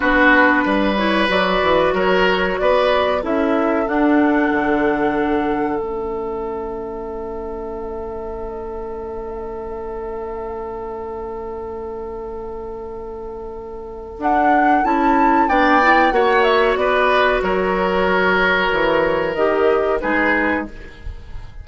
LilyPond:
<<
  \new Staff \with { instrumentName = "flute" } { \time 4/4 \tempo 4 = 93 b'4. cis''8 d''4 cis''4 | d''4 e''4 fis''2~ | fis''4 e''2.~ | e''1~ |
e''1~ | e''2 fis''4 a''4 | g''4 fis''8 e''8 d''4 cis''4~ | cis''2 dis''4 b'4 | }
  \new Staff \with { instrumentName = "oboe" } { \time 4/4 fis'4 b'2 ais'4 | b'4 a'2.~ | a'1~ | a'1~ |
a'1~ | a'1 | d''4 cis''4 b'4 ais'4~ | ais'2. gis'4 | }
  \new Staff \with { instrumentName = "clarinet" } { \time 4/4 d'4. e'8 fis'2~ | fis'4 e'4 d'2~ | d'4 cis'2.~ | cis'1~ |
cis'1~ | cis'2 d'4 e'4 | d'8 e'8 fis'2.~ | fis'2 g'4 dis'4 | }
  \new Staff \with { instrumentName = "bassoon" } { \time 4/4 b4 g4 fis8 e8 fis4 | b4 cis'4 d'4 d4~ | d4 a2.~ | a1~ |
a1~ | a2 d'4 cis'4 | b4 ais4 b4 fis4~ | fis4 e4 dis4 gis4 | }
>>